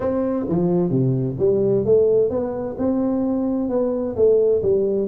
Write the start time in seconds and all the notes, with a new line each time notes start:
0.00 C4
0.48 F3
0.90 C3
1.38 G3
1.85 A3
2.30 B3
2.77 C4
3.69 B3
4.16 A3
4.62 G3